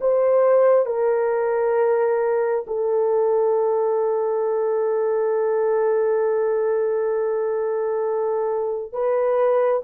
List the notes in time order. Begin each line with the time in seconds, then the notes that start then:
0.00 C5
0.85 A#4
2.67 A4
8.92 B4